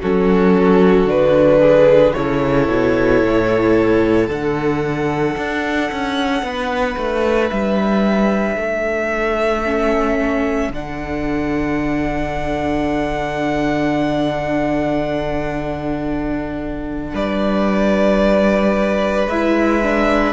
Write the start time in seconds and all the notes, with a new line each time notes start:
0.00 F#3 C#4 F#4 A4
1.05 D3 D4 B4
1.60 G#4
2.13 C#3 E4 A4 C#5
2.68 B2
3.23 A2
4.28 D3 D4 F#5
5.37 D4
5.91 C#4
6.42 B3 B4
6.97 A3
7.50 G3 E5
8.56 A3 A4
9.65 C#4
10.69 D3 D4 F#5
17.14 G3 B4 D5
19.27 G#3 E4 E5
19.83 D4